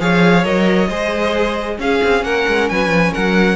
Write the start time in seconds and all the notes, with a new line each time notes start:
0.00 F3 G#4 C#5 F5
0.44 F#3 A#4 D#5
0.89 G#3 G#4 C5
1.78 C#4 G#4 F5
2.04 C4
2.23 A#3 A#4 F#5
2.48 G#3
2.69 F#3 B4 G#5
2.89 F3
3.12 F#3 A#4 F#5